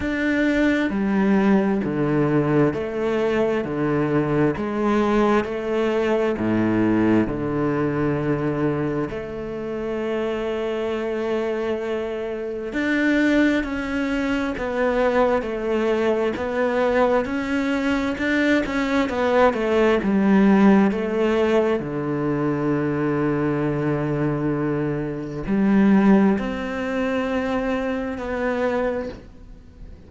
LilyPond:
\new Staff \with { instrumentName = "cello" } { \time 4/4 \tempo 4 = 66 d'4 g4 d4 a4 | d4 gis4 a4 a,4 | d2 a2~ | a2 d'4 cis'4 |
b4 a4 b4 cis'4 | d'8 cis'8 b8 a8 g4 a4 | d1 | g4 c'2 b4 | }